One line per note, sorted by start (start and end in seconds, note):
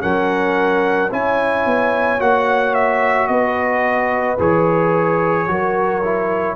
0.00 1.12 F#3
0.00 1.09 C#4
0.00 1.10 A#4
0.00 1.11 F#5
1.10 1.66 C#4
1.10 2.19 E4
1.10 3.29 C#5
1.10 2.21 G#5
1.66 2.20 B3
2.19 3.29 A#3
2.19 4.37 F#4
2.19 2.74 F#5
2.74 3.27 E5
3.27 4.38 B3
3.27 5.47 B4
3.27 4.37 D#5
4.39 5.48 E3
4.39 5.48 G#4
4.39 6.56 C#5
5.48 6.56 F#3
5.48 6.02 F#4
5.48 6.56 A#4
6.04 6.56 E4